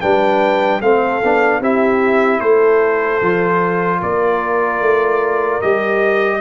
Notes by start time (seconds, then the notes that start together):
0.00 G3 D4 B4 G5
0.81 A3 C4 A4 F5
1.23 B3 D4
1.60 C4 E4 G4 E5
2.39 A3 A4 C5
3.21 F3 F4
3.99 A#3 A#4 D5
4.80 A3
5.61 G3 G4 D#5